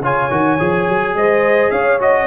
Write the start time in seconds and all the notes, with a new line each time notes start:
0.00 C#3 F4 C#5 G#5
0.30 D#3 F#4
0.59 F3 G#4
0.88 F#3
1.14 G#3 C5 D#5
1.70 C#4 C#5 F5
1.99 F#4 D#5